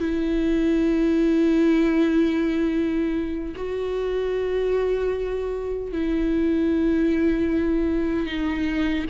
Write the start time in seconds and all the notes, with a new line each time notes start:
0.00 E4
3.56 F#4
5.93 E4
8.27 D#4